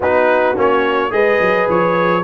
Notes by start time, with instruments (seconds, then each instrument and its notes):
0.00 tuba B3, trombone D#4, horn F#4, trumpet B4
0.55 tuba A#3, trombone C#4, trumpet C#5
1.10 tuba G#3, trombone G#4, horn B4, trumpet D#5
1.40 tuba F#3
1.69 tuba F3, trumpet C#5